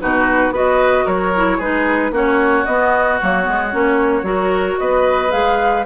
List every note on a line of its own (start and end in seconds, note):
0.00 0.51 B2
0.00 0.53 D#4
0.00 0.54 F#4
0.00 0.53 B4
0.51 1.04 B3
0.51 1.33 F#4
0.51 1.05 B4
0.51 1.07 D#5
1.05 1.59 F#3
1.05 1.57 A#4
1.05 1.60 C#5
1.36 1.62 E4
1.57 2.11 G#3
1.57 2.13 D#4
1.57 2.10 G#4
1.57 2.13 B4
2.11 2.64 A#3
2.11 2.66 C#4
2.11 4.26 F#4
2.11 2.65 C#5
2.65 3.20 B3
2.65 3.18 D#5
3.21 3.47 F#3
3.21 3.42 A#3
3.21 4.79 C#5
3.42 3.73 G#3
3.42 3.69 B3
3.72 4.22 A#3
3.72 4.23 C#4
4.22 4.76 F#3
4.22 5.29 F#4
4.22 4.79 A#4
4.79 5.33 B3
4.79 5.86 B4
4.79 5.31 D#5
5.30 5.86 G#3
5.30 5.83 G#4
5.30 5.84 F5